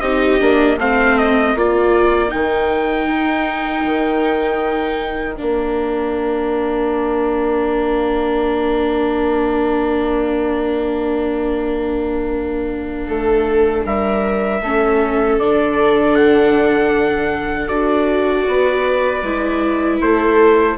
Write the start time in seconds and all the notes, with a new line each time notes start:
0.00 C4 D#4 G4 D#5
0.40 A#3 D4
0.77 A3 C4 C5 F5
1.18 D#5
1.55 A#3 F4 A#4 D5
2.28 D#3 D#4 G5
3.07 D#4
3.85 D#3
5.36 A#3 D4 F5
13.07 A3 A4
13.85 G3 A#4 E5
14.61 A3 C#4 A4
15.39 D3 D4 D5
16.15 F#5
17.68 D4 F#4 D5
18.47 B3 B4
19.22 G#3 E4
20.01 A3 A4 C5